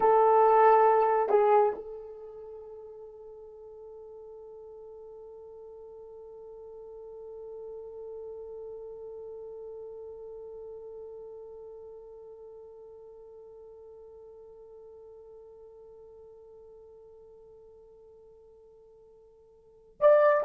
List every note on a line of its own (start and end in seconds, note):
0.00 1.29 A4
1.29 1.72 G#4
1.75 20.00 A4
20.00 20.43 D5